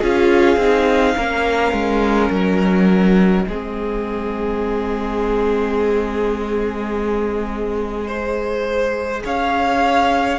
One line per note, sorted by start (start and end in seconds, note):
0.00 0.57 C#4
0.00 0.59 F4
0.00 1.15 G#4
0.00 2.31 F5
0.57 1.14 C4
0.57 1.17 D#4
1.16 1.72 A#3
1.16 3.48 C#4
1.16 3.47 A#4
1.72 2.30 G#3
2.31 3.46 F#3
2.31 9.24 D#5
3.47 9.24 G#3
3.47 8.10 C4
3.47 8.08 G#4
8.08 10.39 G#4
8.08 9.23 C5
9.25 10.39 C#4
9.25 10.39 C#5
9.25 10.39 F5